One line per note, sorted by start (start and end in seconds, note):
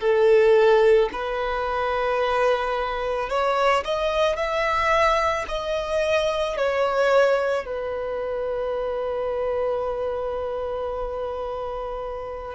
0.00 1.09 A4
1.12 3.29 B4
3.29 3.83 C#5
3.84 4.36 D#5
4.36 5.45 E5
5.48 6.57 D#5
6.57 7.65 C#5
7.65 12.55 B4